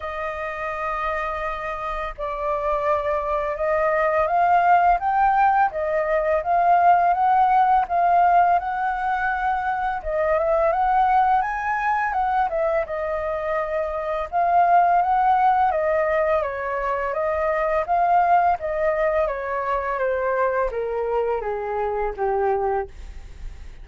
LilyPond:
\new Staff \with { instrumentName = "flute" } { \time 4/4 \tempo 4 = 84 dis''2. d''4~ | d''4 dis''4 f''4 g''4 | dis''4 f''4 fis''4 f''4 | fis''2 dis''8 e''8 fis''4 |
gis''4 fis''8 e''8 dis''2 | f''4 fis''4 dis''4 cis''4 | dis''4 f''4 dis''4 cis''4 | c''4 ais'4 gis'4 g'4 | }